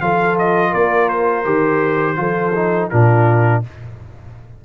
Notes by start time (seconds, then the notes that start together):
0.00 F3 F4 A4 F5
0.39 D#5
0.70 A#3 A#4 D5
1.08 C5
1.45 D#3 G4
2.16 F3 F4 A4
2.55 D#4
2.90 A#2 D4 F4 A#4